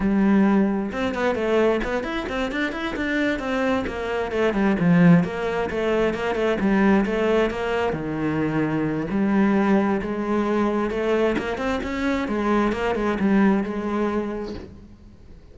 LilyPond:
\new Staff \with { instrumentName = "cello" } { \time 4/4 \tempo 4 = 132 g2 c'8 b8 a4 | b8 e'8 c'8 d'8 e'8 d'4 c'8~ | c'8 ais4 a8 g8 f4 ais8~ | ais8 a4 ais8 a8 g4 a8~ |
a8 ais4 dis2~ dis8 | g2 gis2 | a4 ais8 c'8 cis'4 gis4 | ais8 gis8 g4 gis2 | }